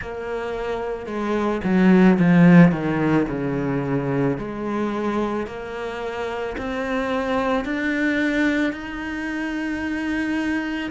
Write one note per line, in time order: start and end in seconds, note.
0.01 1.06 A#3
1.06 1.61 G#3
1.64 2.18 F#3
2.19 2.71 F3
2.71 3.26 D#3
3.28 4.37 C#3
4.37 5.46 G#3
5.46 6.56 A#3
6.57 7.65 C4
7.65 8.72 D4
8.72 10.90 D#4